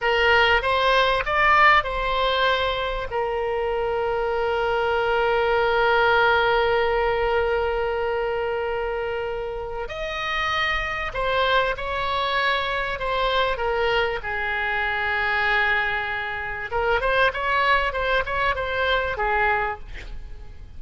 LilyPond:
\new Staff \with { instrumentName = "oboe" } { \time 4/4 \tempo 4 = 97 ais'4 c''4 d''4 c''4~ | c''4 ais'2.~ | ais'1~ | ais'1 |
dis''2 c''4 cis''4~ | cis''4 c''4 ais'4 gis'4~ | gis'2. ais'8 c''8 | cis''4 c''8 cis''8 c''4 gis'4 | }